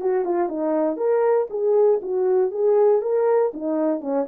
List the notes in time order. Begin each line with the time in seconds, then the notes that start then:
0.00 F#4
0.25 F4
0.48 D#4
0.96 A#4
1.50 G#4
2.01 F#4
2.51 G#4
3.01 A#4
3.53 D#4
4.00 C#4